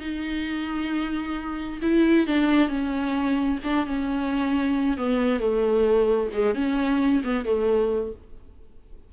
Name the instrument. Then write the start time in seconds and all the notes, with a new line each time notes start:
viola
0.00 D#4
1.82 E4
2.27 D4
2.69 C#4
3.64 D4
3.86 C#4
4.98 B3
5.40 A3
6.33 G#3
6.55 C#4
7.24 B3
7.45 A3